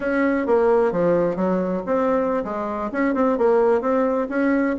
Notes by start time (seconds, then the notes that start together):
0.00 C#4
0.46 A#3
0.92 F3
1.36 F#3
1.86 C4
2.44 G#3
2.92 C#4
3.14 C4
3.38 A#3
3.81 C4
4.29 C#4